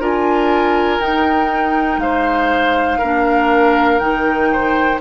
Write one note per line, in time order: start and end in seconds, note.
0.00 0.99 D4
0.00 1.01 F4
0.00 2.01 A#4
0.00 1.01 G#5
0.99 1.97 D#4
0.99 3.01 D#4
0.99 2.00 G5
1.97 2.98 G#3
1.97 2.99 C5
1.97 4.00 F5
2.99 4.01 A#3
2.99 4.01 D4
2.99 4.49 A#4
4.00 5.01 D#3
4.00 5.01 D#4
4.00 5.00 G5
4.53 5.01 C5